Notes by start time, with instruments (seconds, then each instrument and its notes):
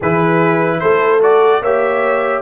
0.00 tuba E3, trombone E4, horn G#4, trumpet B4
0.79 tuba A3, horn A4, trumpet C5
1.21 trombone F#4, trumpet D5
1.61 tuba A#3, trombone G4, horn C#5, trumpet E5